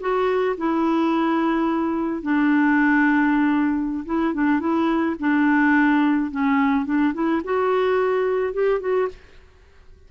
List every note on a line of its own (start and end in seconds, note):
0.00 0.56 F#4
0.57 2.22 E4
2.22 4.04 D4
4.06 4.34 E4
4.34 4.60 D4
4.60 5.16 E4
5.19 6.31 D4
6.31 6.85 C#4
6.85 7.13 D4
7.14 7.42 E4
7.44 8.53 F#4
8.53 8.80 G4
8.80 9.08 F#4